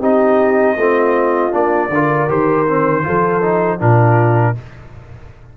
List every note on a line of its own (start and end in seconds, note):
0.00 0.77 C4
0.00 0.77 D#4
0.00 0.76 G4
0.00 1.54 D#5
0.77 1.53 A3
0.77 1.52 C4
0.77 1.91 F4
1.52 1.89 A#3
1.52 1.90 D4
1.52 2.30 D5
1.89 2.27 D3
1.89 2.29 F4
1.89 3.06 A#4
2.28 3.04 D#3
2.28 2.67 G4
2.28 3.81 C5
2.67 3.03 C4
3.03 3.81 F3
3.03 3.41 F4
3.03 3.79 A4
3.42 3.79 D#4
3.79 4.57 A#2
3.79 4.55 D4
3.79 4.55 F4
3.79 4.57 A#4